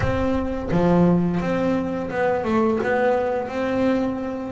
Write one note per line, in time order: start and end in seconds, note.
0.00 0.69 C4
0.71 1.40 F3
1.40 2.10 C4
2.10 2.44 B3
2.44 2.79 A3
2.83 3.48 B3
3.48 4.52 C4